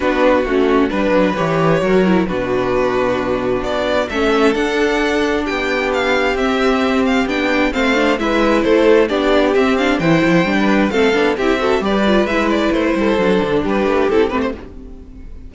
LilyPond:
<<
  \new Staff \with { instrumentName = "violin" } { \time 4/4 \tempo 4 = 132 b'4 fis'4 b'4 cis''4~ | cis''4 b'2. | d''4 e''4 fis''2 | g''4 f''4 e''4. f''8 |
g''4 f''4 e''4 c''4 | d''4 e''8 f''8 g''2 | f''4 e''4 d''4 e''8 d''8 | c''2 b'4 a'8 b'16 c''16 | }
  \new Staff \with { instrumentName = "violin" } { \time 4/4 fis'2 b'2 | ais'4 fis'2.~ | fis'4 a'2. | g'1~ |
g'4 c''4 b'4 a'4 | g'2 c''4~ c''16 b'8. | a'4 g'8 a'8 b'2~ | b'8 a'4. g'2 | }
  \new Staff \with { instrumentName = "viola" } { \time 4/4 d'4 cis'4 d'4 g'4 | fis'8 e'8 d'2.~ | d'4 cis'4 d'2~ | d'2 c'2 |
d'4 c'8 d'8 e'2 | d'4 c'8 d'8 e'4 d'4 | c'8 d'8 e'8 fis'8 g'8 f'8 e'4~ | e'4 d'2 e'8 c'8 | }
  \new Staff \with { instrumentName = "cello" } { \time 4/4 b4 a4 g8 fis8 e4 | fis4 b,2. | b4 a4 d'2 | b2 c'2 |
b4 a4 gis4 a4 | b4 c'4 e8 f8 g4 | a8 b8 c'4 g4 gis4 | a8 g8 fis8 d8 g8 a8 c'8 a8 | }
>>